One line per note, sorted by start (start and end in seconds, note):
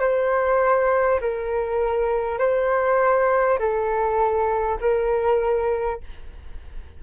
0.00 1.20 C5
1.21 2.39 A#4
2.39 3.59 C5
3.59 4.79 A4
4.81 6.01 A#4